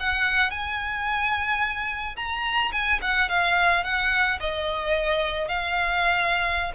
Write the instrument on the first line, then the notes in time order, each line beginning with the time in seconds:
violin
0.00 F#5
0.51 G#5
2.16 A#5
2.72 G#5
3.02 F#5
3.29 F5
3.84 F#5
4.40 D#5
5.48 F5